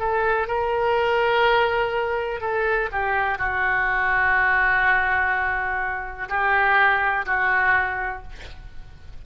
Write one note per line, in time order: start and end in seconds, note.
0.00 0.48 A4
0.48 2.41 A#4
2.41 2.89 A4
2.92 3.39 G4
3.39 6.29 F#4
6.29 7.26 G4
7.26 8.23 F#4